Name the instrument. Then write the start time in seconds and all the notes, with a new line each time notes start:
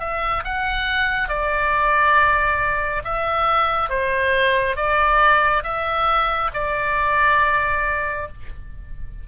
oboe
0.00 E5
0.44 F#5
1.28 D5
3.04 E5
3.89 C5
4.76 D5
5.64 E5
6.54 D5